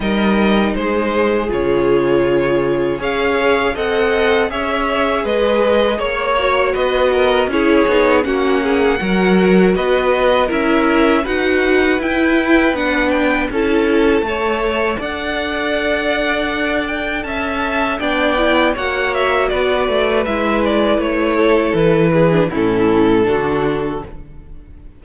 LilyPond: <<
  \new Staff \with { instrumentName = "violin" } { \time 4/4 \tempo 4 = 80 dis''4 c''4 cis''2 | f''4 fis''4 e''4 dis''4 | cis''4 dis''4 cis''4 fis''4~ | fis''4 dis''4 e''4 fis''4 |
g''4 fis''8 g''8 a''2 | fis''2~ fis''8 g''8 a''4 | g''4 fis''8 e''8 d''4 e''8 d''8 | cis''4 b'4 a'2 | }
  \new Staff \with { instrumentName = "violin" } { \time 4/4 ais'4 gis'2. | cis''4 dis''4 cis''4 b'4 | cis''4 b'8 ais'8 gis'4 fis'8 gis'8 | ais'4 b'4 ais'4 b'4~ |
b'2 a'4 cis''4 | d''2. e''4 | d''4 cis''4 b'2~ | b'8 a'4 gis'8 e'4 fis'4 | }
  \new Staff \with { instrumentName = "viola" } { \time 4/4 dis'2 f'2 | gis'4 a'4 gis'2~ | gis'8 fis'4. e'8 dis'8 cis'4 | fis'2 e'4 fis'4 |
e'4 d'4 e'4 a'4~ | a'1 | d'8 e'8 fis'2 e'4~ | e'4.~ e'16 d'16 cis'4 d'4 | }
  \new Staff \with { instrumentName = "cello" } { \time 4/4 g4 gis4 cis2 | cis'4 c'4 cis'4 gis4 | ais4 b4 cis'8 b8 ais4 | fis4 b4 cis'4 dis'4 |
e'4 b4 cis'4 a4 | d'2. cis'4 | b4 ais4 b8 a8 gis4 | a4 e4 a,4 d4 | }
>>